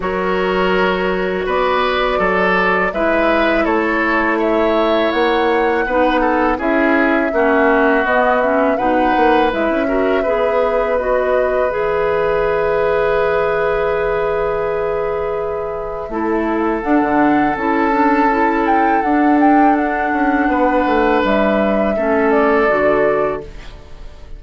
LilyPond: <<
  \new Staff \with { instrumentName = "flute" } { \time 4/4 \tempo 4 = 82 cis''2 d''2 | e''4 cis''4 e''4 fis''4~ | fis''4 e''2 dis''8 e''8 | fis''4 e''2 dis''4 |
e''1~ | e''2. fis''4 | a''4. g''8 fis''8 g''8 fis''4~ | fis''4 e''4. d''4. | }
  \new Staff \with { instrumentName = "oboe" } { \time 4/4 ais'2 b'4 a'4 | b'4 a'4 cis''2 | b'8 a'8 gis'4 fis'2 | b'4. ais'8 b'2~ |
b'1~ | b'2 a'2~ | a'1 | b'2 a'2 | }
  \new Staff \with { instrumentName = "clarinet" } { \time 4/4 fis'1 | e'1 | dis'4 e'4 cis'4 b8 cis'8 | dis'4 e'8 fis'8 gis'4 fis'4 |
gis'1~ | gis'2 e'4 d'4 | e'8 d'8 e'4 d'2~ | d'2 cis'4 fis'4 | }
  \new Staff \with { instrumentName = "bassoon" } { \time 4/4 fis2 b4 fis4 | gis4 a2 ais4 | b4 cis'4 ais4 b4 | b,8 ais8 gis16 cis'8. b2 |
e1~ | e2 a4 d'16 d8. | cis'2 d'4. cis'8 | b8 a8 g4 a4 d4 | }
>>